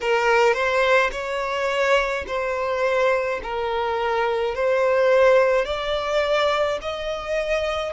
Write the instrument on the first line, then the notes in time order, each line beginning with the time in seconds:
violin
0.00 A#4
0.54 C5
1.11 C#5
2.26 C5
3.43 A#4
4.54 C5
5.64 D5
6.81 D#5